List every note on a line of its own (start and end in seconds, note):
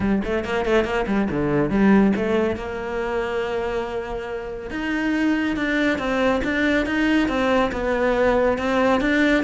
0.00 0.21 G3
0.24 0.44 A3
0.44 0.65 A#3
0.65 0.84 A3
0.84 1.05 A#3
1.07 1.28 G3
1.30 1.69 D3
1.69 2.12 G3
2.16 2.56 A3
2.56 4.70 A#3
4.70 5.56 D#4
5.56 5.98 D4
5.98 6.41 C4
6.43 6.86 D4
6.86 7.28 D#4
7.28 7.71 C4
7.72 8.57 B3
8.57 9.00 C4
9.01 9.43 D4